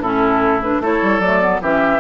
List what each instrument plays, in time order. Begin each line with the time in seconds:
0.00 bassoon A2, clarinet C#4, oboe E4, flute A4
0.63 clarinet D4, flute B4
0.80 bassoon A3, clarinet E4, oboe A4, flute C#5
1.03 bassoon G3
1.20 bassoon F#3, clarinet A3, flute D5
1.42 clarinet B3
1.62 bassoon E3, clarinet C#4, oboe G4, flute E5